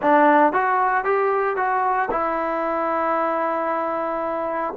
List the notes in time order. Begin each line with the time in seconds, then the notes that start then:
0.01 D4
0.52 F#4
1.04 G4
1.56 F#4
2.11 E4